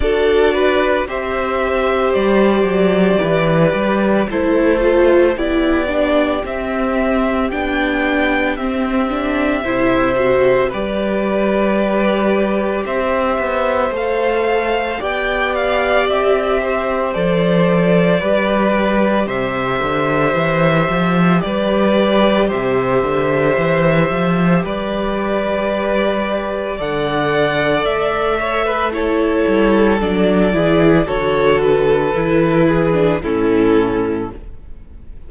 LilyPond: <<
  \new Staff \with { instrumentName = "violin" } { \time 4/4 \tempo 4 = 56 d''4 e''4 d''2 | c''4 d''4 e''4 g''4 | e''2 d''2 | e''4 f''4 g''8 f''8 e''4 |
d''2 e''2 | d''4 e''2 d''4~ | d''4 fis''4 e''4 cis''4 | d''4 cis''8 b'4. a'4 | }
  \new Staff \with { instrumentName = "violin" } { \time 4/4 a'8 b'8 c''2 b'4 | a'4 g'2.~ | g'4 c''4 b'2 | c''2 d''4. c''8~ |
c''4 b'4 c''2 | b'4 c''2 b'4~ | b'4 d''4. cis''16 b'16 a'4~ | a'8 gis'8 a'4. gis'8 e'4 | }
  \new Staff \with { instrumentName = "viola" } { \time 4/4 fis'4 g'2. | e'8 f'8 e'8 d'8 c'4 d'4 | c'8 d'8 e'8 fis'8 g'2~ | g'4 a'4 g'2 |
a'4 g'2.~ | g'1~ | g'4 a'2 e'4 | d'8 e'8 fis'4 e'8. d'16 cis'4 | }
  \new Staff \with { instrumentName = "cello" } { \time 4/4 d'4 c'4 g8 fis8 e8 g8 | a4 b4 c'4 b4 | c'4 c4 g2 | c'8 b8 a4 b4 c'4 |
f4 g4 c8 d8 e8 f8 | g4 c8 d8 e8 f8 g4~ | g4 d4 a4. g8 | fis8 e8 d4 e4 a,4 | }
>>